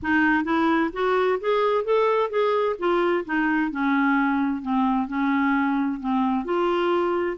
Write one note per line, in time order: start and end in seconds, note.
0.02 0.44 D#4
0.44 0.90 E4
0.93 1.39 F#4
1.40 1.84 G#4
1.84 2.30 A4
2.30 2.76 G#4
2.78 3.24 F4
3.25 3.71 D#4
3.71 4.62 C#4
4.62 5.07 C4
5.07 5.99 C#4
6.00 6.44 C4
6.44 7.37 F4